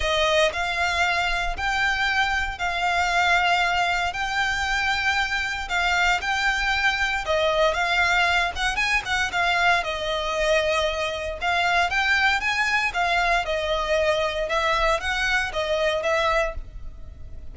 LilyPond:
\new Staff \with { instrumentName = "violin" } { \time 4/4 \tempo 4 = 116 dis''4 f''2 g''4~ | g''4 f''2. | g''2. f''4 | g''2 dis''4 f''4~ |
f''8 fis''8 gis''8 fis''8 f''4 dis''4~ | dis''2 f''4 g''4 | gis''4 f''4 dis''2 | e''4 fis''4 dis''4 e''4 | }